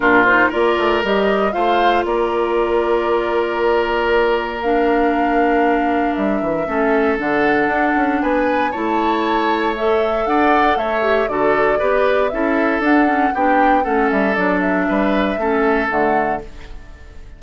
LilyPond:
<<
  \new Staff \with { instrumentName = "flute" } { \time 4/4 \tempo 4 = 117 ais'8 c''8 d''4 dis''4 f''4 | d''1~ | d''4 f''2. | e''2 fis''2 |
gis''4 a''2 e''4 | fis''4 e''4 d''2 | e''4 fis''4 g''4 fis''8 e''8 | d''8 e''2~ e''8 fis''4 | }
  \new Staff \with { instrumentName = "oboe" } { \time 4/4 f'4 ais'2 c''4 | ais'1~ | ais'1~ | ais'4 a'2. |
b'4 cis''2. | d''4 cis''4 a'4 b'4 | a'2 g'4 a'4~ | a'4 b'4 a'2 | }
  \new Staff \with { instrumentName = "clarinet" } { \time 4/4 d'8 dis'8 f'4 g'4 f'4~ | f'1~ | f'4 d'2.~ | d'4 cis'4 d'2~ |
d'4 e'2 a'4~ | a'4. g'8 fis'4 g'4 | e'4 d'8 cis'8 d'4 cis'4 | d'2 cis'4 a4 | }
  \new Staff \with { instrumentName = "bassoon" } { \time 4/4 ais,4 ais8 a8 g4 a4 | ais1~ | ais1 | g8 e8 a4 d4 d'8 cis'8 |
b4 a2. | d'4 a4 d4 b4 | cis'4 d'4 b4 a8 g8 | fis4 g4 a4 d4 | }
>>